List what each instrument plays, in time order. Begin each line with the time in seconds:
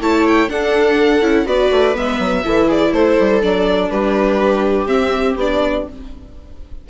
0.00 bassoon A3, viola E4 C#5, violin A5
0.28 violin G5
0.48 viola D4 A4, bassoon D4, violin F#5
1.21 bassoon C#4, viola E4
1.46 bassoon B3, viola F#4 B4, violin D5
1.71 bassoon A3
1.94 bassoon G#3, viola B3, violin E5
2.19 bassoon F#3
2.44 bassoon E3, viola E4 A4
2.67 viola G#4, violin D5
2.92 bassoon A3, viola A4, violin C5
3.19 bassoon G3
3.41 bassoon F#3, viola D4, violin D5
3.90 bassoon G3, viola G4, violin B4
4.86 bassoon C4, viola C4, violin E5
5.36 bassoon B3, viola D4, violin D5